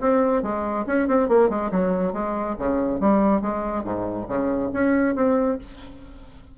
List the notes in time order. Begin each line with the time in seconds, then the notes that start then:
0.00 C4
0.42 G#3
0.87 C#4
1.08 C4
1.28 A#3
1.50 G#3
1.71 F#3
2.13 G#3
2.59 C#3
3.00 G3
3.41 G#3
3.84 G#2
4.28 C#3
4.73 C#4
5.15 C4